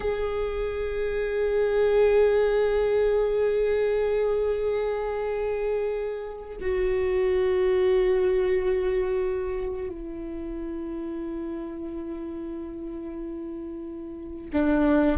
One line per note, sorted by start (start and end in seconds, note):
0.00 6.57 G#4
6.61 9.89 F#4
9.89 14.51 E4
14.52 15.18 D4